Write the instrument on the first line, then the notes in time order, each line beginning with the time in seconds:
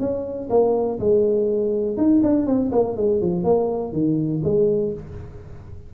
tuba
0.00 C#4
0.50 A#3
1.00 G#3
1.97 D#4
2.23 D4
2.46 C4
2.72 A#3
2.97 G#3
3.21 F3
3.44 A#3
3.93 D#3
4.44 G#3